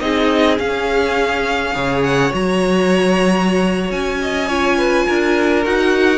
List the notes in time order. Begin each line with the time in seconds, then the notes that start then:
0.00 C4 D#4 G#4 D#5
0.58 C#4 F5
1.73 C#3 G#4 C#5
2.03 F#5
2.31 F#3 F#4 A#5
3.91 C#4 G#5
4.21 D#5
4.47 F4 C#5
4.77 B4
5.06 D4 A#4
5.63 D#4 F#4 F#5